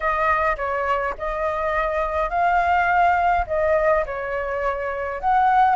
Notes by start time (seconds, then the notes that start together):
0.00 D#5
0.56 C#5
1.17 D#5
2.29 F5
3.46 D#5
4.05 C#5
5.20 F#5